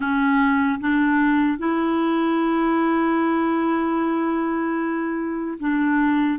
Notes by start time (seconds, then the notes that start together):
0.00 C#4
0.80 D4
1.58 E4
5.59 D4